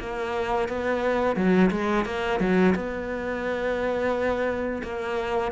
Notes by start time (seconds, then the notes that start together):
0.00 A#3
0.69 B3
1.36 F#3
1.71 G#3
2.06 A#3
2.40 F#3
2.76 B3
4.83 A#3